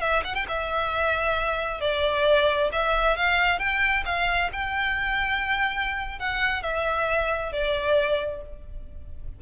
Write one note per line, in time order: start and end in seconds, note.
0.00 0.22 E5
0.24 0.34 F#5
0.34 0.45 G5
0.48 1.80 E5
1.80 2.70 D5
2.72 3.16 E5
3.16 3.59 F5
3.59 4.03 G5
4.05 4.50 F5
4.52 6.19 G5
6.19 6.62 F#5
6.62 7.52 E5
7.52 8.41 D5